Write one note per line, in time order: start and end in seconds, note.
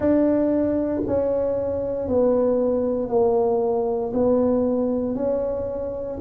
0.00 1.02 D4
1.06 2.07 C#4
2.07 3.08 B3
3.08 4.12 A#3
4.13 5.15 B3
5.15 6.18 C#4